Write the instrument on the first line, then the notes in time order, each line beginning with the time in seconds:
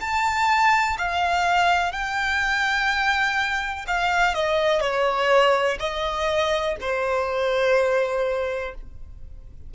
violin
0.00 A5
0.98 F5
1.92 G5
3.87 F5
4.34 D#5
4.81 C#5
5.79 D#5
6.80 C5